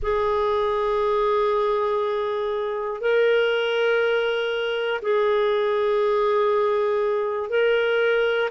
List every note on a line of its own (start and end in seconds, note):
0.02 3.00 G#4
3.00 5.00 A#4
5.01 7.49 G#4
7.49 8.49 A#4